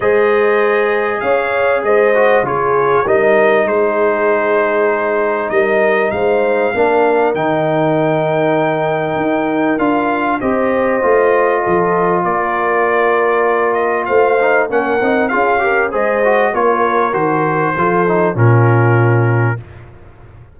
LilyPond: <<
  \new Staff \with { instrumentName = "trumpet" } { \time 4/4 \tempo 4 = 98 dis''2 f''4 dis''4 | cis''4 dis''4 c''2~ | c''4 dis''4 f''2 | g''1 |
f''4 dis''2. | d''2~ d''8 dis''8 f''4 | fis''4 f''4 dis''4 cis''4 | c''2 ais'2 | }
  \new Staff \with { instrumentName = "horn" } { \time 4/4 c''2 cis''4 c''4 | gis'4 ais'4 gis'2~ | gis'4 ais'4 c''4 ais'4~ | ais'1~ |
ais'4 c''2 a'4 | ais'2. c''4 | ais'4 gis'8 ais'8 c''4 ais'4~ | ais'4 a'4 f'2 | }
  \new Staff \with { instrumentName = "trombone" } { \time 4/4 gis'2.~ gis'8 fis'8 | f'4 dis'2.~ | dis'2. d'4 | dis'1 |
f'4 g'4 f'2~ | f'2.~ f'8 dis'8 | cis'8 dis'8 f'8 g'8 gis'8 fis'8 f'4 | fis'4 f'8 dis'8 cis'2 | }
  \new Staff \with { instrumentName = "tuba" } { \time 4/4 gis2 cis'4 gis4 | cis4 g4 gis2~ | gis4 g4 gis4 ais4 | dis2. dis'4 |
d'4 c'4 a4 f4 | ais2. a4 | ais8 c'8 cis'4 gis4 ais4 | dis4 f4 ais,2 | }
>>